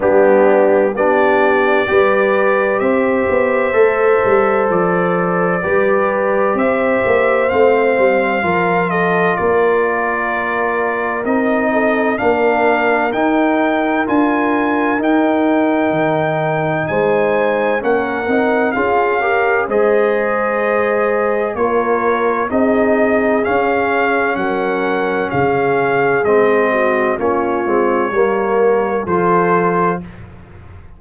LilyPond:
<<
  \new Staff \with { instrumentName = "trumpet" } { \time 4/4 \tempo 4 = 64 g'4 d''2 e''4~ | e''4 d''2 e''4 | f''4. dis''8 d''2 | dis''4 f''4 g''4 gis''4 |
g''2 gis''4 fis''4 | f''4 dis''2 cis''4 | dis''4 f''4 fis''4 f''4 | dis''4 cis''2 c''4 | }
  \new Staff \with { instrumentName = "horn" } { \time 4/4 d'4 g'4 b'4 c''4~ | c''2 b'4 c''4~ | c''4 ais'8 a'8 ais'2~ | ais'8 a'8 ais'2.~ |
ais'2 c''4 ais'4 | gis'8 ais'8 c''2 ais'4 | gis'2 ais'4 gis'4~ | gis'8 fis'8 f'4 ais'4 a'4 | }
  \new Staff \with { instrumentName = "trombone" } { \time 4/4 b4 d'4 g'2 | a'2 g'2 | c'4 f'2. | dis'4 d'4 dis'4 f'4 |
dis'2. cis'8 dis'8 | f'8 g'8 gis'2 f'4 | dis'4 cis'2. | c'4 cis'8 c'8 ais4 f'4 | }
  \new Staff \with { instrumentName = "tuba" } { \time 4/4 g4 b4 g4 c'8 b8 | a8 g8 f4 g4 c'8 ais8 | a8 g8 f4 ais2 | c'4 ais4 dis'4 d'4 |
dis'4 dis4 gis4 ais8 c'8 | cis'4 gis2 ais4 | c'4 cis'4 fis4 cis4 | gis4 ais8 gis8 g4 f4 | }
>>